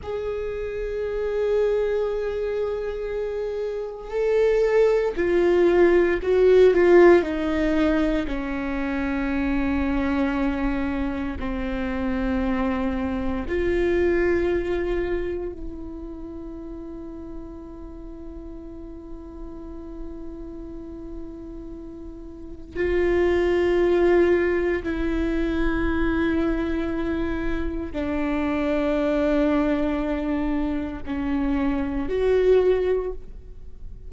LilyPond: \new Staff \with { instrumentName = "viola" } { \time 4/4 \tempo 4 = 58 gis'1 | a'4 f'4 fis'8 f'8 dis'4 | cis'2. c'4~ | c'4 f'2 e'4~ |
e'1~ | e'2 f'2 | e'2. d'4~ | d'2 cis'4 fis'4 | }